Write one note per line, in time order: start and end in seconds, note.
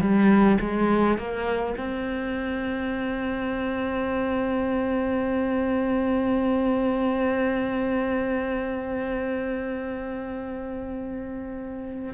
0.00 0.58 G3
0.60 1.17 G#3
1.17 1.75 A#3
1.77 12.13 C4